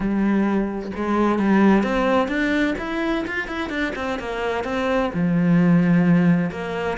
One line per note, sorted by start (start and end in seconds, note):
0.00 0.91 G3
0.95 1.38 G#3
1.38 1.83 G3
1.83 2.28 C4
2.28 2.74 D4
2.78 3.24 E4
3.27 3.47 F4
3.47 3.69 E4
3.69 3.93 D4
3.95 4.19 C4
4.19 4.64 A#3
4.64 5.10 C4
5.13 6.51 F3
6.51 6.97 A#3